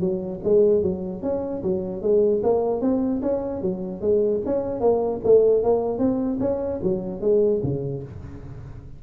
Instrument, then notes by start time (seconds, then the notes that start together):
tuba
0.00 F#3
0.44 G#3
0.82 F#3
1.22 C#4
1.63 F#3
2.02 G#3
2.43 A#3
2.81 C4
3.22 C#4
3.61 F#3
4.01 G#3
4.45 C#4
4.81 A#3
5.24 A3
5.63 A#3
5.99 C4
6.40 C#4
6.83 F#3
7.21 G#3
7.63 C#3